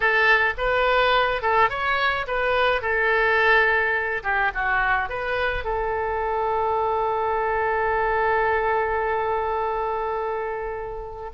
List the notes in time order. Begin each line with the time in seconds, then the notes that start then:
0.00 A4
0.57 B4
1.42 A4
1.69 C#5
2.27 B4
2.81 A4
4.23 G4
4.54 F#4
5.09 B4
5.64 A4